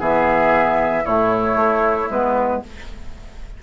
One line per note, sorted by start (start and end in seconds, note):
0.00 1.05 E3
0.00 1.05 B3
0.00 1.04 G#4
0.00 1.05 E5
1.04 1.56 A2
1.04 2.11 A3
1.04 2.61 E4
1.04 2.10 C#5
1.56 2.08 A3
2.10 2.62 G#3
2.10 2.63 B3
2.10 2.63 B4